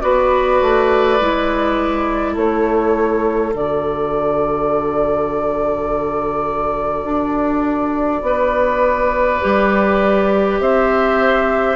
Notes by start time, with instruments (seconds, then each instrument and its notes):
0.00 bassoon B3, clarinet F#4, oboe B4, flute D5
0.62 bassoon A3
1.20 bassoon G#3, clarinet E4
2.33 bassoon A3, oboe A4, flute C#5
3.53 bassoon D3, clarinet F#4, flute D5
7.04 bassoon D4
8.22 bassoon B3, oboe B4
9.41 bassoon G3, clarinet G4
10.60 bassoon C4, oboe C5, flute E5